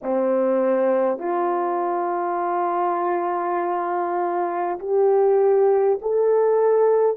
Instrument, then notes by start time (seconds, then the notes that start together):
horn
0.02 C4
1.18 F4
4.79 G4
6.01 A4